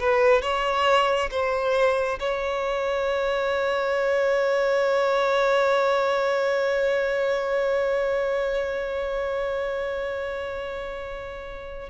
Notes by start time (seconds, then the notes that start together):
0.00 B4
0.42 C#5
1.31 C5
2.20 C#5